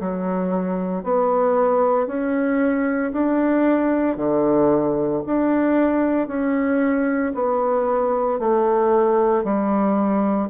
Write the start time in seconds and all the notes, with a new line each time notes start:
0.00 F#3
1.04 B3
2.07 C#4
3.13 D4
4.17 D3
5.26 D4
6.28 C#4
7.34 B3
8.39 A3
9.44 G3